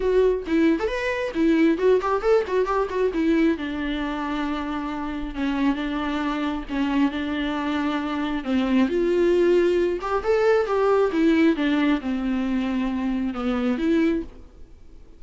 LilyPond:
\new Staff \with { instrumentName = "viola" } { \time 4/4 \tempo 4 = 135 fis'4 e'8. a'16 b'4 e'4 | fis'8 g'8 a'8 fis'8 g'8 fis'8 e'4 | d'1 | cis'4 d'2 cis'4 |
d'2. c'4 | f'2~ f'8 g'8 a'4 | g'4 e'4 d'4 c'4~ | c'2 b4 e'4 | }